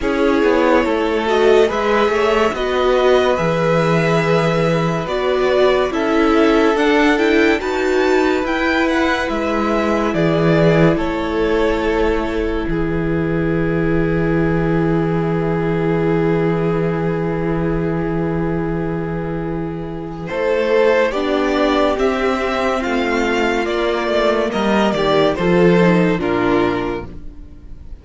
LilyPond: <<
  \new Staff \with { instrumentName = "violin" } { \time 4/4 \tempo 4 = 71 cis''4. dis''8 e''4 dis''4 | e''2 d''4 e''4 | fis''8 g''8 a''4 g''8 fis''8 e''4 | d''4 cis''2 b'4~ |
b'1~ | b'1 | c''4 d''4 e''4 f''4 | d''4 dis''8 d''8 c''4 ais'4 | }
  \new Staff \with { instrumentName = "violin" } { \time 4/4 gis'4 a'4 b'8 cis''8 b'4~ | b'2. a'4~ | a'4 b'2. | gis'4 a'2 gis'4~ |
gis'1~ | gis'1 | a'4 g'2 f'4~ | f'4 ais'8 g'8 a'4 f'4 | }
  \new Staff \with { instrumentName = "viola" } { \time 4/4 e'4. fis'8 gis'4 fis'4 | gis'2 fis'4 e'4 | d'8 e'8 fis'4 e'2~ | e'1~ |
e'1~ | e'1~ | e'4 d'4 c'2 | ais2 f'8 dis'8 d'4 | }
  \new Staff \with { instrumentName = "cello" } { \time 4/4 cis'8 b8 a4 gis8 a8 b4 | e2 b4 cis'4 | d'4 dis'4 e'4 gis4 | e4 a2 e4~ |
e1~ | e1 | a4 b4 c'4 a4 | ais8 a8 g8 dis8 f4 ais,4 | }
>>